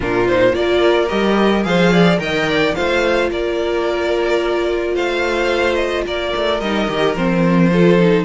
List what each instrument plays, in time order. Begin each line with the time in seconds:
0.00 cello A#2, viola D4, violin F4 A#4
0.27 viola D#4, violin C5
0.52 cello A#3, viola F4, violin A#4 D5
1.08 cello G3, viola G4, violin D#5
1.63 cello F3, viola G#4, violin C5 F5
1.92 violin D5
2.17 cello D#3, viola A#4, violin D#5 G5
2.49 violin D5
2.74 cello A3, viola F4, violin C5 F5
3.30 cello A#3, violin A#4 D5
4.94 cello A3, violin C5 F5
5.75 violin D#5
6.05 cello A#3, violin A#4 D5
6.36 cello A3
6.60 cello G3, viola D#4, violin D#5
6.88 cello D#3, viola G4
7.15 cello F3, viola C4, violin C5
7.71 viola F4, violin A4
7.99 viola D#4